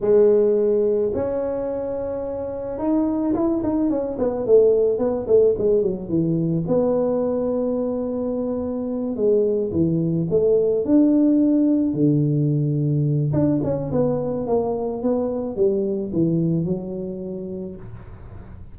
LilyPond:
\new Staff \with { instrumentName = "tuba" } { \time 4/4 \tempo 4 = 108 gis2 cis'2~ | cis'4 dis'4 e'8 dis'8 cis'8 b8 | a4 b8 a8 gis8 fis8 e4 | b1~ |
b8 gis4 e4 a4 d'8~ | d'4. d2~ d8 | d'8 cis'8 b4 ais4 b4 | g4 e4 fis2 | }